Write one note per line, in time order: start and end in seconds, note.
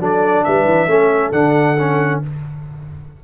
0.00 0.44 F#3
0.00 0.88 D4
0.00 0.45 A4
0.00 0.44 D5
0.44 0.66 G3
0.44 0.91 B4
0.44 1.32 E5
0.66 0.87 E3
0.87 1.31 A3
0.87 1.32 C#4
0.87 2.24 A4
1.32 2.21 D3
1.32 1.77 D4
1.32 2.21 F#5
1.79 2.24 C#4